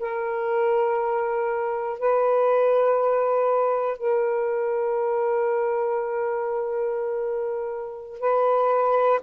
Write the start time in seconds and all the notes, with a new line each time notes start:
0.00 A#4
1.99 B4
3.98 A#4
8.20 B4